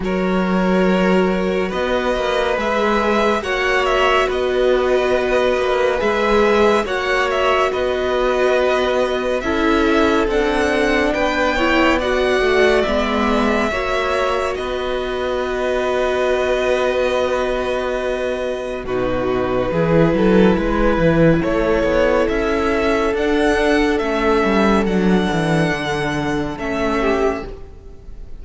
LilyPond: <<
  \new Staff \with { instrumentName = "violin" } { \time 4/4 \tempo 4 = 70 cis''2 dis''4 e''4 | fis''8 e''8 dis''2 e''4 | fis''8 e''8 dis''2 e''4 | fis''4 g''4 fis''4 e''4~ |
e''4 dis''2.~ | dis''2 b'2~ | b'4 cis''4 e''4 fis''4 | e''4 fis''2 e''4 | }
  \new Staff \with { instrumentName = "violin" } { \time 4/4 ais'2 b'2 | cis''4 b'2. | cis''4 b'2 a'4~ | a'4 b'8 cis''8 d''2 |
cis''4 b'2.~ | b'2 fis'4 gis'8 a'8 | b'4 a'2.~ | a'2.~ a'8 g'8 | }
  \new Staff \with { instrumentName = "viola" } { \time 4/4 fis'2. gis'4 | fis'2. gis'4 | fis'2. e'4 | d'4. e'8 fis'4 b4 |
fis'1~ | fis'2 dis'4 e'4~ | e'2. d'4 | cis'4 d'2 cis'4 | }
  \new Staff \with { instrumentName = "cello" } { \time 4/4 fis2 b8 ais8 gis4 | ais4 b4. ais8 gis4 | ais4 b2 cis'4 | c'4 b4. a8 gis4 |
ais4 b2.~ | b2 b,4 e8 fis8 | gis8 e8 a8 b8 cis'4 d'4 | a8 g8 fis8 e8 d4 a4 | }
>>